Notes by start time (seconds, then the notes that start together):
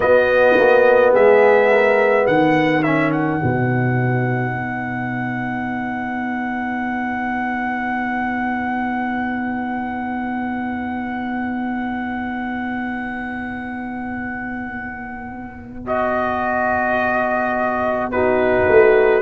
0.00 B3 F#4 D#5
0.57 A#3
1.13 G#3 G#4 E5
1.71 A#4
2.26 D#3 B4 F#5
2.82 C#4 E5
3.11 F#5
3.40 B2 D#4
4.52 B3
15.85 F#4 D#5
18.11 D#4 F#4 B4
18.68 A3